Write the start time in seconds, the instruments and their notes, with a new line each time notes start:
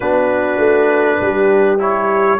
0.00 tuba B3, trombone D4, horn F#4, trumpet B4
0.58 tuba A3
1.21 tuba G3, horn G4
1.79 trombone E4, trumpet C#5